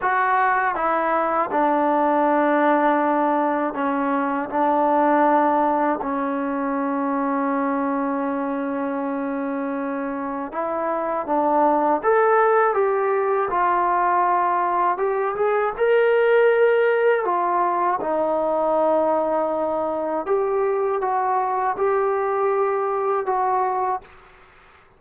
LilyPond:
\new Staff \with { instrumentName = "trombone" } { \time 4/4 \tempo 4 = 80 fis'4 e'4 d'2~ | d'4 cis'4 d'2 | cis'1~ | cis'2 e'4 d'4 |
a'4 g'4 f'2 | g'8 gis'8 ais'2 f'4 | dis'2. g'4 | fis'4 g'2 fis'4 | }